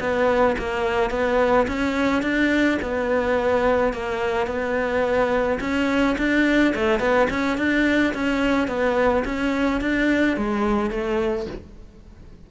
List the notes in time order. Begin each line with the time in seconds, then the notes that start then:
0.00 B3
0.58 A#3
1.11 B3
1.67 C#4
2.22 D4
2.82 B3
3.93 A#3
4.47 B3
5.60 C#4
6.18 D4
6.75 A3
6.99 B3
7.30 C#4
7.58 D4
8.14 C#4
8.68 B3
9.25 C#4
9.81 D4
10.37 G#3
10.90 A3